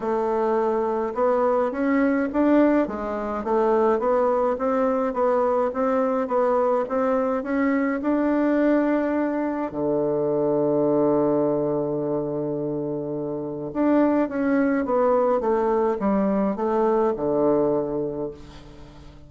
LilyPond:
\new Staff \with { instrumentName = "bassoon" } { \time 4/4 \tempo 4 = 105 a2 b4 cis'4 | d'4 gis4 a4 b4 | c'4 b4 c'4 b4 | c'4 cis'4 d'2~ |
d'4 d2.~ | d1 | d'4 cis'4 b4 a4 | g4 a4 d2 | }